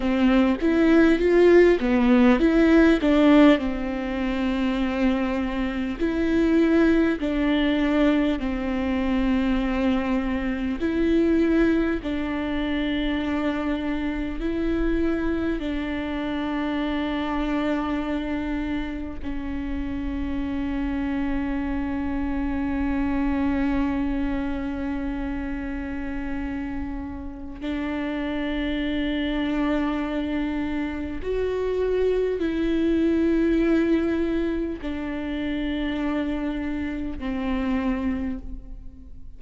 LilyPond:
\new Staff \with { instrumentName = "viola" } { \time 4/4 \tempo 4 = 50 c'8 e'8 f'8 b8 e'8 d'8 c'4~ | c'4 e'4 d'4 c'4~ | c'4 e'4 d'2 | e'4 d'2. |
cis'1~ | cis'2. d'4~ | d'2 fis'4 e'4~ | e'4 d'2 c'4 | }